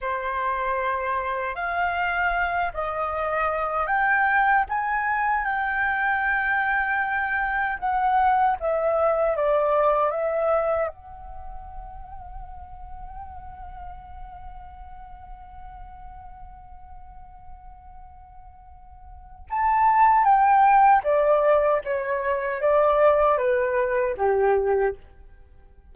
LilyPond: \new Staff \with { instrumentName = "flute" } { \time 4/4 \tempo 4 = 77 c''2 f''4. dis''8~ | dis''4 g''4 gis''4 g''4~ | g''2 fis''4 e''4 | d''4 e''4 fis''2~ |
fis''1~ | fis''1~ | fis''4 a''4 g''4 d''4 | cis''4 d''4 b'4 g'4 | }